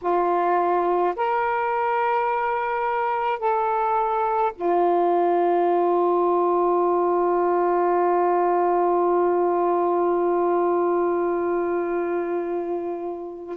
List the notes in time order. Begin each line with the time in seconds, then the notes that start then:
0.01 F4
1.16 A#4
3.39 A4
4.55 F4